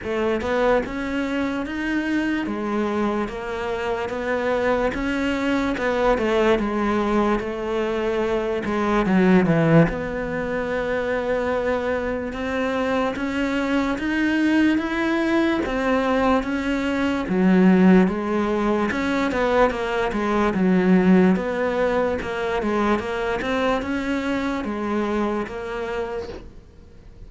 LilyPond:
\new Staff \with { instrumentName = "cello" } { \time 4/4 \tempo 4 = 73 a8 b8 cis'4 dis'4 gis4 | ais4 b4 cis'4 b8 a8 | gis4 a4. gis8 fis8 e8 | b2. c'4 |
cis'4 dis'4 e'4 c'4 | cis'4 fis4 gis4 cis'8 b8 | ais8 gis8 fis4 b4 ais8 gis8 | ais8 c'8 cis'4 gis4 ais4 | }